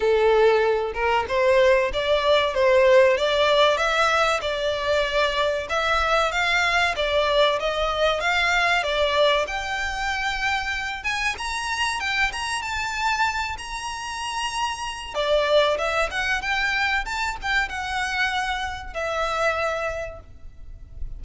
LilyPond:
\new Staff \with { instrumentName = "violin" } { \time 4/4 \tempo 4 = 95 a'4. ais'8 c''4 d''4 | c''4 d''4 e''4 d''4~ | d''4 e''4 f''4 d''4 | dis''4 f''4 d''4 g''4~ |
g''4. gis''8 ais''4 g''8 ais''8 | a''4. ais''2~ ais''8 | d''4 e''8 fis''8 g''4 a''8 g''8 | fis''2 e''2 | }